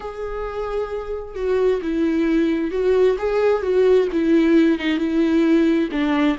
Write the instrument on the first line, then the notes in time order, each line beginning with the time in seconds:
viola
0.00 G#4
1.35 F#4
1.82 E4
2.71 F#4
3.18 G#4
3.62 F#4
4.12 E4
4.79 D#4
4.97 E4
5.91 D4